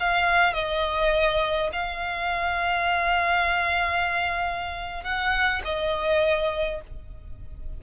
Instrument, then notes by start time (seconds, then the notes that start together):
violin
0.00 F5
0.53 D#5
1.73 F5
5.04 F#5
5.65 D#5